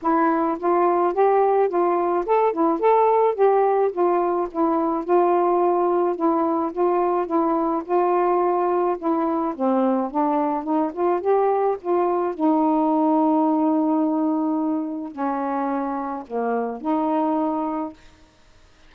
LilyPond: \new Staff \with { instrumentName = "saxophone" } { \time 4/4 \tempo 4 = 107 e'4 f'4 g'4 f'4 | a'8 e'8 a'4 g'4 f'4 | e'4 f'2 e'4 | f'4 e'4 f'2 |
e'4 c'4 d'4 dis'8 f'8 | g'4 f'4 dis'2~ | dis'2. cis'4~ | cis'4 ais4 dis'2 | }